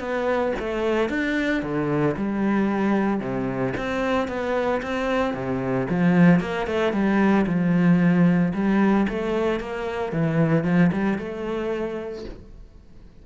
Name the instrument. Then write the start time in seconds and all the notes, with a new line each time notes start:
cello
0.00 B3
0.60 A3
1.10 D4
1.63 D3
2.17 G3
3.21 C3
3.77 C4
4.28 B3
4.82 C4
5.34 C3
5.90 F3
6.41 A#3
6.67 A3
6.93 G3
7.47 F3
8.54 G3
9.09 A3
9.60 A#3
10.12 E3
10.64 F3
10.93 G3
11.19 A3